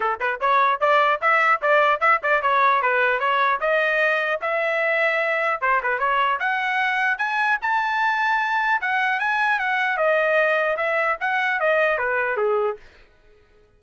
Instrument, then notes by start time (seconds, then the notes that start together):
trumpet
0.00 A4
0.19 B4
0.40 C#5
0.80 D5
1.21 E5
1.61 D5
2.00 E5
2.22 D5
2.41 C#5
2.81 B4
3.19 C#5
3.60 D#5
4.41 E5
5.61 C5
5.82 B4
5.98 C#5
6.39 F#5
7.18 G#5
7.61 A5
8.81 F#5
9.19 G#5
9.59 F#5
9.97 D#5
10.77 E5
11.20 F#5
11.59 D#5
11.98 B4
12.37 G#4